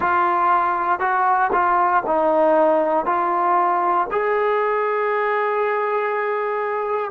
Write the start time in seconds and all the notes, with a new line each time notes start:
0.00 F4
0.99 F#4
1.52 F4
2.06 D#4
3.05 F4
4.11 G#4